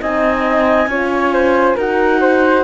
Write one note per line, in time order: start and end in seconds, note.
0.00 0.87 C4
0.00 0.88 D#4
0.00 0.88 D#5
0.00 1.78 G#5
0.87 1.75 C#4
0.87 1.77 F4
0.87 1.33 C#5
1.33 1.75 C5
1.75 2.63 D#4
1.75 2.63 F#4
1.75 2.19 A#4
1.75 2.63 F#5
2.20 2.63 C5